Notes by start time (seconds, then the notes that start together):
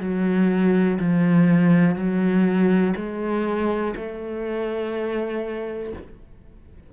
0.00 F#3
0.99 F3
1.96 F#3
2.96 G#3
3.96 A3